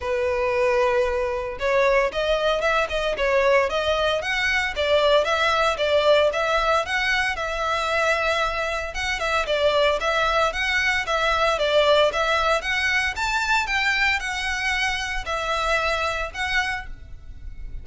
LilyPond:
\new Staff \with { instrumentName = "violin" } { \time 4/4 \tempo 4 = 114 b'2. cis''4 | dis''4 e''8 dis''8 cis''4 dis''4 | fis''4 d''4 e''4 d''4 | e''4 fis''4 e''2~ |
e''4 fis''8 e''8 d''4 e''4 | fis''4 e''4 d''4 e''4 | fis''4 a''4 g''4 fis''4~ | fis''4 e''2 fis''4 | }